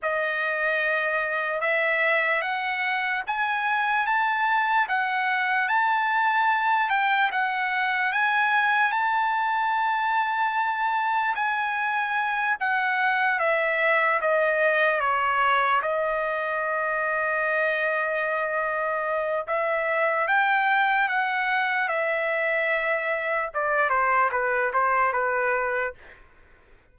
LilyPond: \new Staff \with { instrumentName = "trumpet" } { \time 4/4 \tempo 4 = 74 dis''2 e''4 fis''4 | gis''4 a''4 fis''4 a''4~ | a''8 g''8 fis''4 gis''4 a''4~ | a''2 gis''4. fis''8~ |
fis''8 e''4 dis''4 cis''4 dis''8~ | dis''1 | e''4 g''4 fis''4 e''4~ | e''4 d''8 c''8 b'8 c''8 b'4 | }